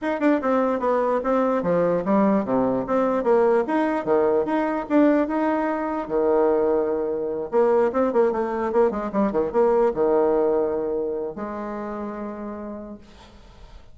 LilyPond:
\new Staff \with { instrumentName = "bassoon" } { \time 4/4 \tempo 4 = 148 dis'8 d'8 c'4 b4 c'4 | f4 g4 c4 c'4 | ais4 dis'4 dis4 dis'4 | d'4 dis'2 dis4~ |
dis2~ dis8 ais4 c'8 | ais8 a4 ais8 gis8 g8 dis8 ais8~ | ais8 dis2.~ dis8 | gis1 | }